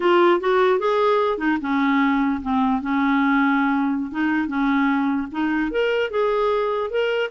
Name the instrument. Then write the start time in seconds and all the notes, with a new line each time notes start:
clarinet
0.00 F4
0.40 F#4
0.79 G#4
1.38 D#4
1.61 C#4
2.42 C4
2.81 C#4
4.11 D#4
4.47 C#4
5.31 D#4
5.71 A#4
6.10 G#4
6.90 A#4